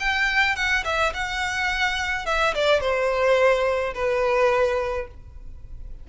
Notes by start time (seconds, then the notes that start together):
0.00 G5
0.56 F#5
0.85 E5
1.14 F#5
2.26 E5
2.55 D5
2.81 C5
3.94 B4